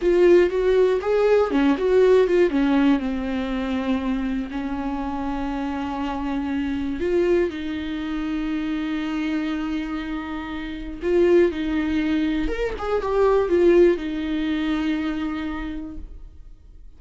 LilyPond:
\new Staff \with { instrumentName = "viola" } { \time 4/4 \tempo 4 = 120 f'4 fis'4 gis'4 cis'8 fis'8~ | fis'8 f'8 cis'4 c'2~ | c'4 cis'2.~ | cis'2 f'4 dis'4~ |
dis'1~ | dis'2 f'4 dis'4~ | dis'4 ais'8 gis'8 g'4 f'4 | dis'1 | }